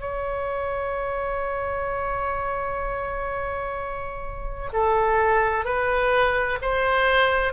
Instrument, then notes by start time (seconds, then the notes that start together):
oboe
0.00 C#5
4.73 A4
5.65 B4
6.61 C5